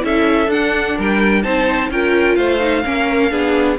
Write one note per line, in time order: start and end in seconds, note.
0.00 0.47 C#4
0.00 0.47 E4
0.00 0.96 A4
0.00 0.51 E5
0.47 0.94 D4
0.47 1.43 D4
0.47 0.98 F#5
0.96 1.44 G3
0.96 1.43 A#4
0.96 1.43 G5
1.43 1.90 C4
1.43 1.90 D#4
1.43 1.90 C5
1.43 1.90 A5
1.90 2.37 C#4
1.90 2.59 F4
1.90 2.37 A#4
1.90 2.35 G5
2.35 2.84 A3
2.35 2.84 C5
2.35 3.76 F5
2.59 2.83 D#4
2.83 3.31 A#3
2.83 3.30 C#4
2.83 3.31 A#4
3.30 3.78 B3
3.30 3.77 D4
3.30 3.78 G#4